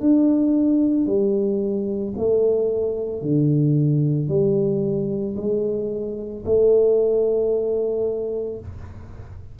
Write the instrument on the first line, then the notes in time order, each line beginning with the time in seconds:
tuba
0.00 D4
1.06 G3
2.17 A3
3.21 D3
4.28 G3
5.36 G#3
6.45 A3